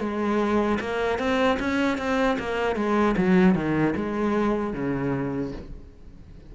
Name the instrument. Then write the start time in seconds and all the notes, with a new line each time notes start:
cello
0.00 G#3
0.80 A#3
1.19 C4
1.60 C#4
1.98 C4
2.39 A#3
2.76 G#3
3.17 F#3
3.55 D#3
3.96 G#3
4.74 C#3